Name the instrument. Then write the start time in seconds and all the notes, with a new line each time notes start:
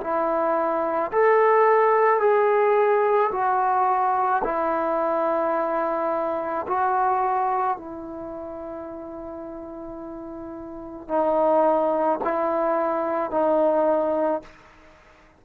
trombone
0.00 E4
1.12 A4
2.20 G#4
3.31 F#4
4.44 E4
6.67 F#4
7.77 E4
11.08 D#4
12.24 E4
13.31 D#4